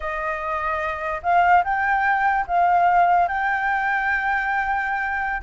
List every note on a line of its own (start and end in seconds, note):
0.00 1.21 D#5
1.22 1.63 F5
1.63 2.45 G5
2.47 3.27 F5
3.27 5.42 G5